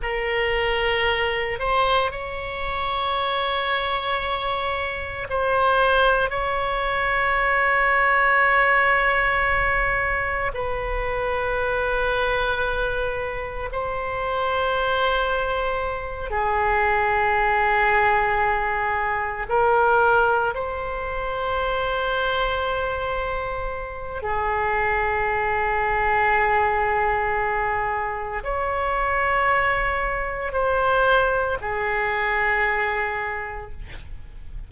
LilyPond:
\new Staff \with { instrumentName = "oboe" } { \time 4/4 \tempo 4 = 57 ais'4. c''8 cis''2~ | cis''4 c''4 cis''2~ | cis''2 b'2~ | b'4 c''2~ c''8 gis'8~ |
gis'2~ gis'8 ais'4 c''8~ | c''2. gis'4~ | gis'2. cis''4~ | cis''4 c''4 gis'2 | }